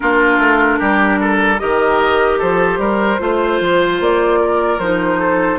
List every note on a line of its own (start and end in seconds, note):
0.00 0.38 A#3
0.00 1.58 D4
0.00 0.79 F4
0.00 1.58 A#4
0.38 0.78 A3
0.79 1.60 G3
0.79 1.19 G4
1.21 1.61 A4
1.58 2.41 D#3
1.58 3.18 G4
1.58 2.38 A#4
1.58 2.38 D#5
2.38 2.78 F3
2.38 2.78 A4
2.38 4.00 C5
2.78 3.18 G3
2.78 3.20 A#4
3.18 3.60 A3
3.18 4.78 F4
3.18 4.40 C5
3.60 4.00 F3
4.00 4.78 A#3
4.00 4.79 D5
4.40 5.19 A#4
4.78 5.58 F3
4.78 5.58 D#4
4.78 5.58 C5
5.19 5.58 A4